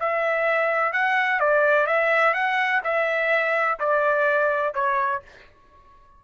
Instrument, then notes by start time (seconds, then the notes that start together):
trumpet
0.00 E5
0.93 F#5
1.40 D5
1.87 E5
2.34 F#5
2.84 E5
3.79 D5
4.75 C#5